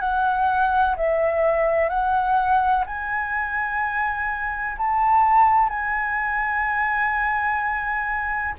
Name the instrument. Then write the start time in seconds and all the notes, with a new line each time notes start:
flute
0.00 F#5
0.96 E5
1.89 F#5
2.86 G#5
4.77 A5
5.69 G#5